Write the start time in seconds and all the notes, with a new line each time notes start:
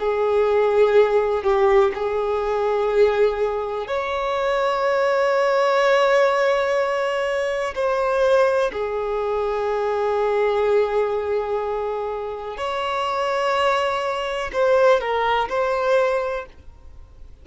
0.00 G#4
1.43 G4
1.95 G#4
3.88 C#5
7.75 C5
8.73 G#4
12.58 C#5
14.53 C5
15.00 A#4
15.49 C5